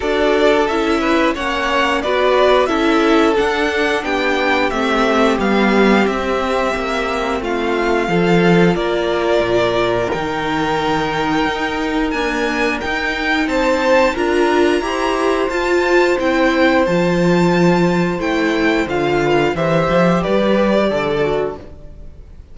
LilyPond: <<
  \new Staff \with { instrumentName = "violin" } { \time 4/4 \tempo 4 = 89 d''4 e''4 fis''4 d''4 | e''4 fis''4 g''4 e''4 | f''4 e''2 f''4~ | f''4 d''2 g''4~ |
g''2 gis''4 g''4 | a''4 ais''2 a''4 | g''4 a''2 g''4 | f''4 e''4 d''2 | }
  \new Staff \with { instrumentName = "violin" } { \time 4/4 a'4. b'8 cis''4 b'4 | a'2 g'2~ | g'2. f'4 | a'4 ais'2.~ |
ais'1 | c''4 ais'4 c''2~ | c''1~ | c''8 b'8 c''4 b'4 a'4 | }
  \new Staff \with { instrumentName = "viola" } { \time 4/4 fis'4 e'4 cis'4 fis'4 | e'4 d'2 c'4 | b4 c'2. | f'2. dis'4~ |
dis'2 ais4 dis'4~ | dis'4 f'4 g'4 f'4 | e'4 f'2 e'4 | f'4 g'2~ g'8 fis'8 | }
  \new Staff \with { instrumentName = "cello" } { \time 4/4 d'4 cis'4 ais4 b4 | cis'4 d'4 b4 a4 | g4 c'4 ais4 a4 | f4 ais4 ais,4 dis4~ |
dis4 dis'4 d'4 dis'4 | c'4 d'4 e'4 f'4 | c'4 f2 a4 | d4 e8 f8 g4 d4 | }
>>